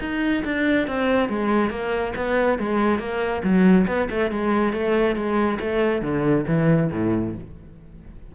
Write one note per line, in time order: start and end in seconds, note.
0.00 0.43 D#4
0.45 0.88 D4
0.88 1.29 C4
1.29 1.70 G#3
1.70 2.13 A#3
2.16 2.59 B3
2.59 2.99 G#3
2.99 3.42 A#3
3.43 3.87 F#3
3.87 4.08 B3
4.10 4.31 A3
4.31 4.73 G#3
4.73 5.16 A3
5.16 5.59 G#3
5.60 6.02 A3
6.02 6.45 D3
6.47 6.90 E3
6.92 7.35 A2